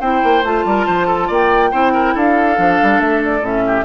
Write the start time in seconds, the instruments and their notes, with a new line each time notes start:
0.00 bassoon C4, clarinet E4, oboe C5, flute G5
0.23 bassoon A#3
0.43 bassoon A3, clarinet F4, flute A5
0.65 bassoon G3, oboe A#4
0.86 bassoon F3, oboe C5
1.07 oboe A4
1.27 bassoon A#3, oboe D5, flute G5
1.71 bassoon C4, clarinet E4, oboe C5
1.93 oboe A#4
2.14 bassoon D4, oboe A4, flute F5
2.56 bassoon F3, clarinet D4
2.82 bassoon G3
2.99 bassoon A3, flute E5
3.24 flute D5
3.40 bassoon A2, clarinet C#4, flute E5
3.66 oboe G4